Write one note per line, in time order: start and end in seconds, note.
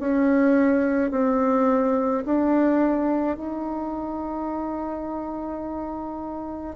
0.00 1.12 C#4
1.12 2.25 C4
2.26 3.38 D4
3.38 6.76 D#4